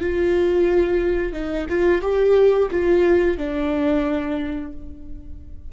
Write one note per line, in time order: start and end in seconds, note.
0.00 1.32 F4
1.32 1.66 D#4
1.69 2.01 F4
2.01 2.69 G4
2.70 3.37 F4
3.37 4.72 D4